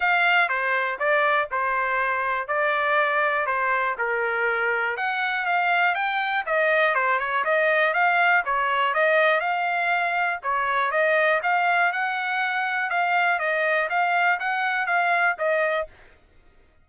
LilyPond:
\new Staff \with { instrumentName = "trumpet" } { \time 4/4 \tempo 4 = 121 f''4 c''4 d''4 c''4~ | c''4 d''2 c''4 | ais'2 fis''4 f''4 | g''4 dis''4 c''8 cis''8 dis''4 |
f''4 cis''4 dis''4 f''4~ | f''4 cis''4 dis''4 f''4 | fis''2 f''4 dis''4 | f''4 fis''4 f''4 dis''4 | }